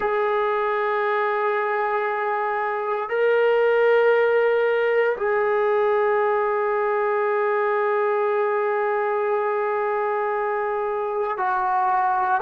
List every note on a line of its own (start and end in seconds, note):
0.00 3.09 G#4
3.09 5.16 A#4
5.16 11.37 G#4
11.37 12.40 F#4